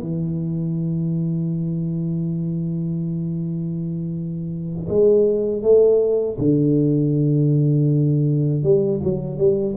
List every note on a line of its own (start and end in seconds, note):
0.00 4.88 E3
4.89 5.62 G#3
5.62 6.37 A3
6.38 8.63 D3
8.63 9.00 G3
9.03 9.38 F#3
9.38 9.75 G3